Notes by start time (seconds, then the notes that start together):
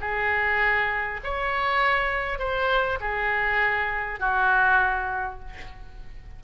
0.00 G#4
1.23 C#5
2.38 C5
3.00 G#4
4.19 F#4